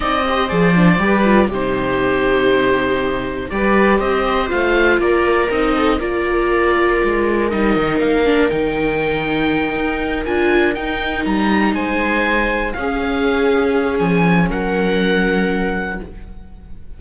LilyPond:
<<
  \new Staff \with { instrumentName = "oboe" } { \time 4/4 \tempo 4 = 120 dis''4 d''2 c''4~ | c''2. d''4 | dis''4 f''4 d''4 dis''4 | d''2. dis''4 |
f''4 g''2.~ | g''8 gis''4 g''4 ais''4 gis''8~ | gis''4. f''2~ f''8 | gis''4 fis''2. | }
  \new Staff \with { instrumentName = "viola" } { \time 4/4 d''8 c''4. b'4 g'4~ | g'2. b'4 | c''2 ais'4. a'8 | ais'1~ |
ais'1~ | ais'2.~ ais'8 c''8~ | c''4. gis'2~ gis'8~ | gis'4 ais'2. | }
  \new Staff \with { instrumentName = "viola" } { \time 4/4 dis'8 g'8 gis'8 d'8 g'8 f'8 dis'4~ | dis'2. g'4~ | g'4 f'2 dis'4 | f'2. dis'4~ |
dis'8 d'8 dis'2.~ | dis'8 f'4 dis'2~ dis'8~ | dis'4. cis'2~ cis'8~ | cis'1 | }
  \new Staff \with { instrumentName = "cello" } { \time 4/4 c'4 f4 g4 c4~ | c2. g4 | c'4 a4 ais4 c'4 | ais2 gis4 g8 dis8 |
ais4 dis2~ dis8 dis'8~ | dis'8 d'4 dis'4 g4 gis8~ | gis4. cis'2~ cis'8 | f4 fis2. | }
>>